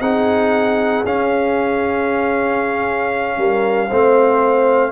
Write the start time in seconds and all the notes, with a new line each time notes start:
0.00 C4 D#4 G#4 F#5
1.05 C#4 F5
3.37 G3 A#4
3.88 A3 C4 C5